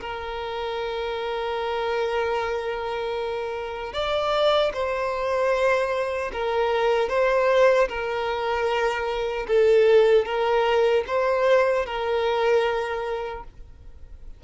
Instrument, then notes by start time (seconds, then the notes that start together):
violin
0.00 A#4
3.93 D5
4.73 C5
6.32 A#4
7.09 C5
7.88 A#4
9.47 A4
10.25 A#4
11.07 C5
11.86 A#4